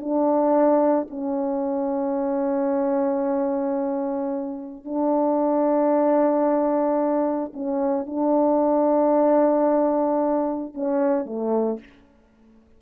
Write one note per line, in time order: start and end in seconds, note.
0.00 1.07 D4
1.10 4.84 C#4
4.84 7.52 D4
7.53 8.06 C#4
8.06 10.74 D4
10.74 11.26 C#4
11.26 11.79 A3